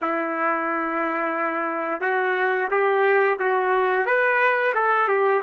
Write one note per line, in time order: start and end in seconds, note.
0.01 2.00 E4
2.00 2.68 F#4
2.70 3.38 G4
3.39 4.05 F#4
4.05 4.73 B4
4.74 5.08 A4
5.08 5.41 G4